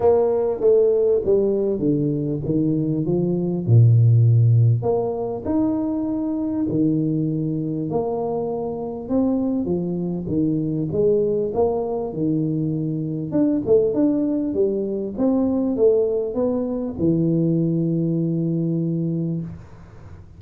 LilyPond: \new Staff \with { instrumentName = "tuba" } { \time 4/4 \tempo 4 = 99 ais4 a4 g4 d4 | dis4 f4 ais,2 | ais4 dis'2 dis4~ | dis4 ais2 c'4 |
f4 dis4 gis4 ais4 | dis2 d'8 a8 d'4 | g4 c'4 a4 b4 | e1 | }